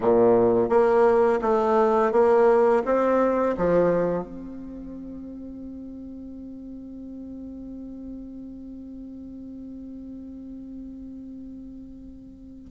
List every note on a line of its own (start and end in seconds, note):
0.00 0.69 A#2
0.69 1.39 A#3
1.41 2.12 A3
2.12 2.82 A#3
2.85 3.55 C4
3.57 4.23 F3
4.23 12.70 C4